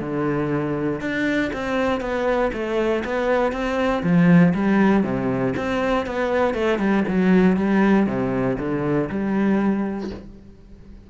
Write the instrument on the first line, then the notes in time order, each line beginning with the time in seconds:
cello
0.00 D3
1.00 D4
1.52 C4
2.00 B3
2.52 A3
3.04 B3
3.52 C4
4.03 F3
4.54 G3
5.03 C3
5.56 C4
6.06 B3
6.54 A3
6.78 G3
7.07 F#3
7.56 G3
8.06 C3
8.58 D3
9.09 G3